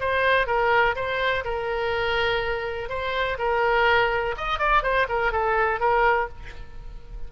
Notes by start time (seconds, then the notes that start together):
0.00 C5
0.47 A#4
0.96 C5
1.45 A#4
2.89 C5
3.38 A#4
4.37 D#5
4.59 D5
4.83 C5
5.09 A#4
5.32 A4
5.80 A#4